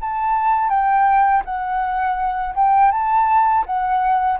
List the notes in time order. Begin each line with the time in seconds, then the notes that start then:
0.00 A5
0.69 G5
1.45 F#5
2.54 G5
2.91 A5
3.66 F#5